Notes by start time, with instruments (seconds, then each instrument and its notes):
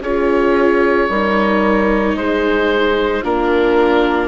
0.00 bassoon C#4, viola F4, horn G#4, oboe C#5
1.09 bassoon G3, viola D#4, horn A#4
2.15 bassoon G#3, horn G#4, oboe C5
3.22 bassoon A#3, viola D4, horn F4, oboe A#4